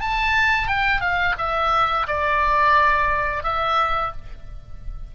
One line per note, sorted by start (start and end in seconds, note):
0.00 0.67 A5
0.67 1.01 G5
1.01 1.35 F5
1.38 2.07 E5
2.07 3.43 D5
3.43 4.12 E5